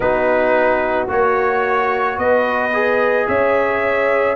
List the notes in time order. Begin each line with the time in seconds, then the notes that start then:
0.00 B3 D#4 F#4 B4
1.08 A#3 F#4 C#5
2.17 B3 B4 D#5
2.73 G#4
3.28 C#4 C#5 E5